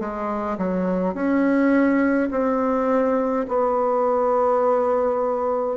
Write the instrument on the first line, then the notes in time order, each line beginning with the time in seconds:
bassoon
0.00 G#3
0.58 F#3
1.14 C#4
2.31 C4
3.48 B3